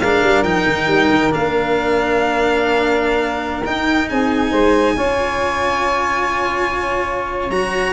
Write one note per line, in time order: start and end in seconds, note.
0.00 0.22 G#3
0.00 0.45 D4
0.00 4.08 A#4
0.00 0.44 F5
0.24 0.43 G3
0.43 0.65 F3
0.43 1.31 D#4
0.43 1.32 G5
0.67 0.87 D#3
0.87 1.09 G3
1.10 1.32 D#3
1.31 3.66 A#3
1.31 3.63 D4
1.31 3.65 F5
3.65 4.97 D#4
3.65 4.10 D#4
3.65 4.09 G5
4.09 4.52 C4
4.09 4.50 G#4
4.09 7.50 G#5
4.50 4.96 G#3
4.50 4.94 C5
4.97 7.50 C#4
4.97 7.51 F4
4.97 7.94 C#5
7.50 7.94 F#3
7.50 7.94 F#4
7.50 7.94 A#5